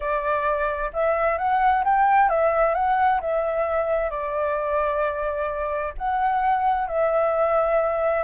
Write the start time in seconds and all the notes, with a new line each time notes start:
0.00 D5
0.93 E5
1.38 F#5
1.84 G5
2.29 E5
2.74 F#5
3.20 E5
4.10 D5
5.97 F#5
6.87 E5